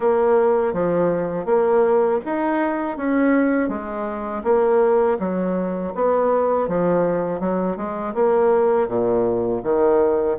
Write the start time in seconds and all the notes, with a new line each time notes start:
0.00 A#3
0.73 F3
1.45 A#3
2.25 D#4
2.97 C#4
3.68 G#3
4.43 A#3
5.19 F#3
5.94 B3
6.68 F3
7.39 F#3
7.76 G#3
8.14 A#3
8.88 A#2
9.63 D#3